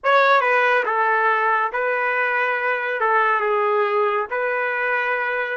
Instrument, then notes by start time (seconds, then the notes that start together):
trumpet
0.03 C#5
0.41 B4
0.85 A4
1.72 B4
3.00 A4
3.40 G#4
4.30 B4